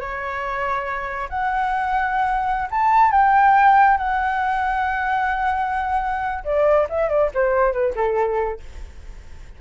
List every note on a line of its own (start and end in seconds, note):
0.00 1.29 C#5
1.30 2.69 F#5
2.71 3.11 A5
3.11 3.97 G5
3.98 6.44 F#5
6.44 6.87 D5
6.90 7.09 E5
7.09 7.30 D5
7.34 7.73 C5
7.73 7.94 B4
7.96 8.60 A4